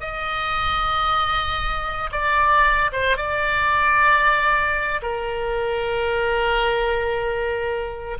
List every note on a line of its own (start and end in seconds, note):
0.00 2.11 D#5
2.11 2.90 D5
2.92 3.17 C5
3.17 5.01 D5
5.02 8.18 A#4